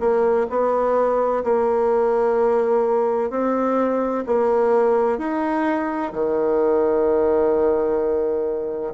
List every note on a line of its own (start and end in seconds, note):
0.00 0.47 A#3
0.50 1.44 B3
1.44 3.31 A#3
3.31 4.24 C4
4.27 5.19 A#3
5.19 6.12 D#4
6.13 8.94 D#3